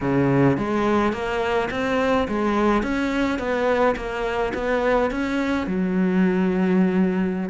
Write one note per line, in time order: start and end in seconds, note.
0.00 0.57 C#3
0.57 1.12 G#3
1.12 1.69 A#3
1.71 2.27 C4
2.27 2.82 G#3
2.82 3.38 C#4
3.38 3.95 B3
3.96 4.52 A#3
4.54 5.10 B3
5.10 5.66 C#4
5.66 7.49 F#3